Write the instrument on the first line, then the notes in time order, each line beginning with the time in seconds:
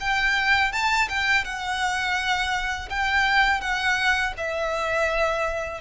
violin
0.00 G5
0.72 A5
1.09 G5
1.44 F#5
2.89 G5
3.61 F#5
4.37 E5